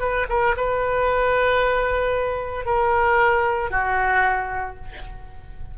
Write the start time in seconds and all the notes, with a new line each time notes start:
0.00 B4
0.29 A#4
0.57 B4
2.66 A#4
3.71 F#4